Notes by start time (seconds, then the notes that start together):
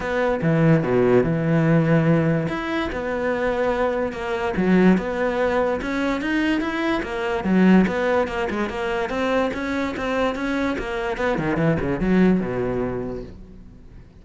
0.00 B3
0.41 E3
0.83 B2
1.23 E3
2.48 E4
2.92 B3
4.12 A#3
4.56 F#3
4.97 B3
5.81 C#4
6.21 D#4
6.60 E4
7.02 A#3
7.44 F#3
7.87 B3
8.27 A#3
8.50 G#3
8.69 A#3
9.09 C4
9.53 C#4
9.96 C4
10.35 C#4
10.78 A#3
11.17 B3
11.38 D#3
11.57 E3
11.80 C#3
12.00 F#3
12.39 B2